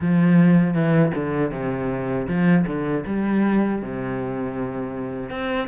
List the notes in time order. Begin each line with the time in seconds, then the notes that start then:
0.00 F3
0.74 E3
1.14 D3
1.51 C3
2.28 F3
2.66 D3
3.06 G3
3.81 C3
5.30 C4